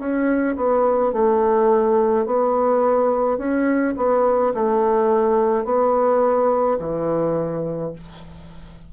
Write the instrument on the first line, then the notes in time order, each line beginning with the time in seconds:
bassoon
0.00 C#4
0.57 B3
1.13 A3
2.26 B3
3.38 C#4
3.97 B3
4.55 A3
5.65 B3
6.79 E3